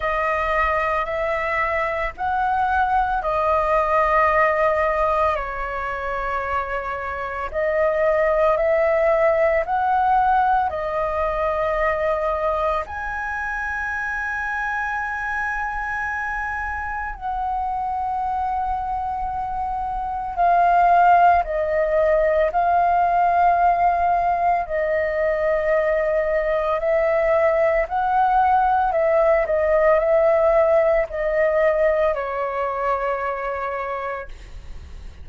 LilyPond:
\new Staff \with { instrumentName = "flute" } { \time 4/4 \tempo 4 = 56 dis''4 e''4 fis''4 dis''4~ | dis''4 cis''2 dis''4 | e''4 fis''4 dis''2 | gis''1 |
fis''2. f''4 | dis''4 f''2 dis''4~ | dis''4 e''4 fis''4 e''8 dis''8 | e''4 dis''4 cis''2 | }